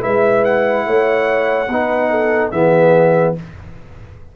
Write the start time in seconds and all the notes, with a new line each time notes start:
0.00 G#3 E4 B4 E5
0.44 F#5
0.86 A3 C#5
1.68 B3 D#4 B4
2.10 A4
2.51 E3 B3 G#4 E5